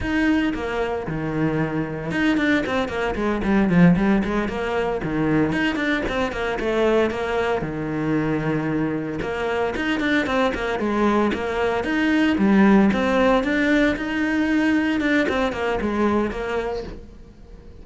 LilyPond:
\new Staff \with { instrumentName = "cello" } { \time 4/4 \tempo 4 = 114 dis'4 ais4 dis2 | dis'8 d'8 c'8 ais8 gis8 g8 f8 g8 | gis8 ais4 dis4 dis'8 d'8 c'8 | ais8 a4 ais4 dis4.~ |
dis4. ais4 dis'8 d'8 c'8 | ais8 gis4 ais4 dis'4 g8~ | g8 c'4 d'4 dis'4.~ | dis'8 d'8 c'8 ais8 gis4 ais4 | }